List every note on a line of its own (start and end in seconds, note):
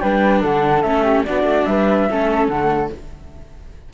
0.00 0.44 G3
0.00 0.84 D4
0.00 0.42 B4
0.00 0.41 G5
0.42 0.83 D3
0.42 1.03 A4
0.42 0.82 F#5
0.82 1.25 A3
0.82 1.25 C#4
0.82 1.23 E5
1.03 1.24 G4
1.25 1.43 B3
1.25 2.10 D4
1.25 1.67 F#4
1.25 1.65 D5
1.43 1.64 A3
1.65 2.08 G3
1.65 2.10 B4
1.65 2.48 E5
2.10 2.48 A3
2.10 2.51 C#4
2.10 2.94 A4
2.48 2.90 D3
2.48 2.94 A3
2.48 2.90 F#5